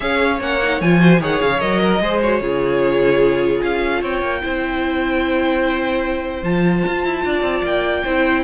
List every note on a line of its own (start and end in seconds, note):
0.00 0.40 C#4
0.00 0.39 G#4
0.00 0.99 C#5
0.00 0.39 F5
0.40 0.80 A#3
0.40 0.60 C#4
0.40 0.81 F#5
0.62 0.82 D#4
0.80 1.20 F3
0.80 0.98 F4
0.80 1.21 G#5
0.98 1.18 F#4
0.98 1.20 C5
1.20 1.40 D#3
1.20 1.59 G#4
1.20 1.81 C#5
1.20 1.41 F#5
1.41 1.61 C#3
1.41 1.60 F5
1.59 2.00 F#3
1.59 2.00 A#4
1.59 2.20 D#5
1.81 2.01 A#4
2.00 2.40 G#3
2.00 2.20 G#4
2.00 2.41 C5
2.21 2.41 F#4
2.21 3.62 C#5
2.40 3.61 C#3
2.40 4.41 F4
2.40 4.00 G#4
3.62 4.02 C#4
3.62 4.03 F5
4.00 4.21 C4
4.00 4.40 C#5
4.00 6.43 G5
4.21 4.41 A#3
4.41 6.42 C4
4.41 6.42 E4
4.41 7.25 C5
6.42 6.83 F3
6.42 8.06 F4
6.42 7.64 A5
6.86 7.05 F4
7.05 7.24 E4
7.24 7.42 D4
7.24 8.03 D5
7.42 7.62 C4
7.63 8.03 A#3
7.63 8.44 G5
8.03 8.44 C4
8.03 8.44 E4
8.03 8.44 C5